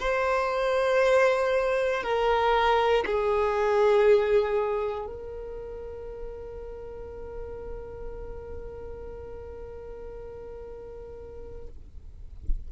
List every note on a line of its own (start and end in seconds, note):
0.00 2.03 C5
2.03 3.05 A#4
3.06 5.07 G#4
5.07 11.68 A#4